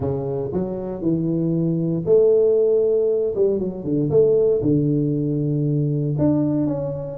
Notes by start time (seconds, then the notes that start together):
0.00 C#3
0.52 F#3
1.01 E3
2.05 A3
3.35 G3
3.59 F#3
3.83 D3
4.10 A3
4.62 D3
6.18 D4
6.66 C#4